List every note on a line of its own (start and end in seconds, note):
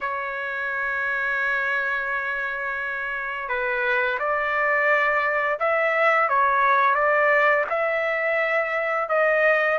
0.00 3.48 C#5
3.48 4.18 B4
4.19 5.58 D5
5.59 6.28 E5
6.28 6.95 C#5
6.95 7.64 D5
7.69 9.09 E5
9.09 9.78 D#5